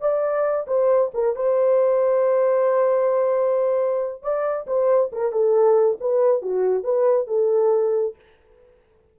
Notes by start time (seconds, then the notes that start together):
0.00 D5
0.67 C5
1.14 A#4
1.35 C5
4.22 D5
4.66 C5
5.12 A#4
5.32 A4
6.00 B4
6.42 F#4
6.83 B4
7.27 A4